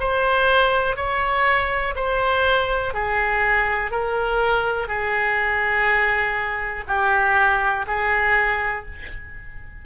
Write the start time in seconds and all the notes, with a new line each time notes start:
0.00 C5
0.96 C#5
1.95 C5
2.94 G#4
3.91 A#4
4.88 G#4
6.88 G4
7.87 G#4